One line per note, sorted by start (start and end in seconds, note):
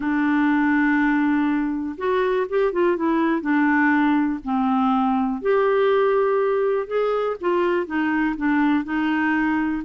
0.00 1.96 D4
1.97 2.46 F#4
2.49 2.72 G4
2.72 2.96 F4
2.96 3.41 E4
3.41 4.39 D4
4.44 5.41 C4
5.41 6.87 G4
6.87 7.36 G#4
7.40 7.86 F4
7.86 8.35 D#4
8.36 8.84 D4
8.84 9.82 D#4